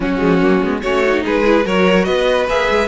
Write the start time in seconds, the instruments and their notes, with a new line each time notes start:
0.00 viola F#3, cello F#3, violin C#4 F#4
0.17 cello F3, viola G#3
0.41 cello F#3, viola A#3
0.62 cello G#3, viola B3
0.81 cello A3, viola C#4, violin F#4 C#5
1.07 viola D#4
1.24 cello G#3, violin G#4 B4
1.44 viola E4
1.64 cello F#3, viola F#4, violin A#4 C#5
2.04 cello B3, violin B4 D#5
2.48 cello A#3, viola G#4, violin E5
2.70 cello G#3